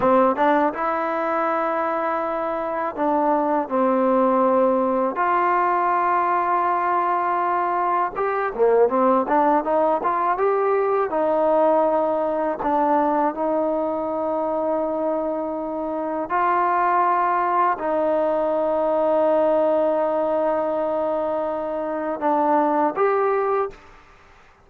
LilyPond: \new Staff \with { instrumentName = "trombone" } { \time 4/4 \tempo 4 = 81 c'8 d'8 e'2. | d'4 c'2 f'4~ | f'2. g'8 ais8 | c'8 d'8 dis'8 f'8 g'4 dis'4~ |
dis'4 d'4 dis'2~ | dis'2 f'2 | dis'1~ | dis'2 d'4 g'4 | }